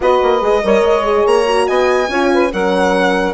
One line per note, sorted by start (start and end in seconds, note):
0.00 0.20 B3
0.00 0.41 F#4
0.00 0.64 B4
0.00 1.27 D#5
0.22 0.41 A#3
0.41 0.62 G#3
0.41 0.62 G#4
0.63 0.81 G3
0.63 1.03 A#4
0.63 1.67 C#5
0.81 1.23 G#3
1.03 1.45 G#4
1.26 1.67 A#3
1.26 1.67 A#5
1.46 2.08 F#4
1.67 2.08 B3
1.67 2.09 D#5
1.67 2.51 G#5
2.08 2.50 C#4
2.08 2.52 F4
2.08 2.31 C#5
2.33 2.52 B4
2.52 3.33 F#3
2.52 3.33 C#4
2.52 3.33 A#4
2.52 3.33 F#5